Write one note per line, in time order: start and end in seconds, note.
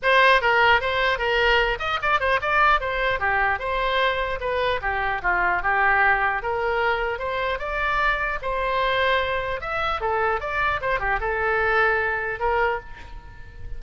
0.02 0.41 C5
0.41 0.80 A#4
0.80 1.18 C5
1.18 1.78 A#4
1.79 1.99 D#5
2.02 2.19 D5
2.19 2.39 C5
2.41 2.80 D5
2.80 3.19 C5
3.19 3.59 G4
3.59 4.39 C5
4.40 4.80 B4
4.81 5.21 G4
5.22 5.62 F4
5.62 6.42 G4
6.42 7.19 A#4
7.19 7.58 C5
7.58 8.38 D5
8.41 9.61 C5
9.61 10.01 E5
10.01 10.40 A4
10.40 10.80 D5
10.81 10.99 C5
10.99 11.19 G4
11.20 12.39 A4
12.39 12.79 A#4